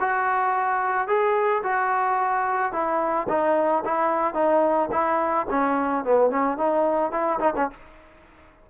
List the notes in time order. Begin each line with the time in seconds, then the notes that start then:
0.00 F#4
1.07 G#4
1.63 F#4
2.72 E4
3.29 D#4
3.85 E4
4.34 D#4
4.91 E4
5.50 C#4
6.05 B3
6.31 C#4
6.58 D#4
7.12 E4
7.40 D#4
7.56 C#4